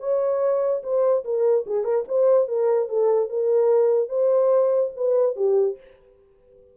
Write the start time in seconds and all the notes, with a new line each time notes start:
0.00 C#5
0.83 C5
1.25 A#4
1.67 G#4
1.84 A#4
2.08 C5
2.48 A#4
2.89 A4
3.30 A#4
4.09 C5
4.96 B4
5.36 G4